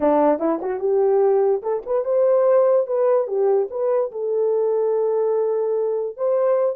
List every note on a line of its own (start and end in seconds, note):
0.00 0.39 D4
0.39 0.59 E4
0.61 0.79 F#4
0.79 1.61 G4
1.62 1.82 A4
1.86 2.04 B4
2.04 2.86 C5
2.86 3.27 B4
3.27 3.68 G4
3.70 4.11 B4
4.11 6.16 A4
6.16 6.76 C5